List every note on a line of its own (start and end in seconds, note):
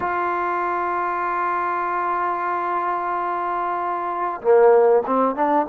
0.00 4.41 F4
4.41 5.02 A#3
5.06 5.35 C4
5.35 5.66 D4